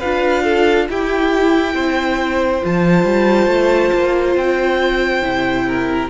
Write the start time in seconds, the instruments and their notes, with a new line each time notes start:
0.00 cello D4, viola F4, violin B4 F5
0.44 violin A4
0.89 cello E4, viola E4, violin G4 G5
1.75 cello C4, violin C5
2.62 cello F3, viola F4, violin A5
3.05 cello G3
3.47 cello A3
3.94 cello A#3
4.36 cello C4, violin G5
5.23 cello C3, viola E4
5.68 violin A#4